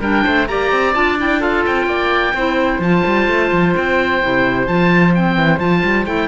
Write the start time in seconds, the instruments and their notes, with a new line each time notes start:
0.00 cello G3, clarinet D4, oboe A#4 G5
0.25 cello A3, oboe C5
0.48 cello A#3, clarinet G4, oboe D5 A#5
0.72 cello C4
0.95 cello D4, clarinet F4, oboe A5
1.19 clarinet E4, oboe G5
1.40 clarinet F4, oboe A4 F5
1.66 cello C4, oboe G5
1.87 cello A#3, oboe D5
2.34 cello C4, clarinet E4, oboe C5
2.79 cello F3, clarinet F4, oboe A5
3.06 cello G3
3.28 cello A3
3.52 cello F3
3.77 cello C4, oboe G5
4.22 cello C3, clarinet E4
4.67 cello F3, clarinet F4, oboe A5
5.15 clarinet C4, oboe G5
5.37 cello E3
5.59 cello F3, clarinet F4, oboe A5
5.84 cello G3
6.06 cello A3, clarinet E4, oboe G5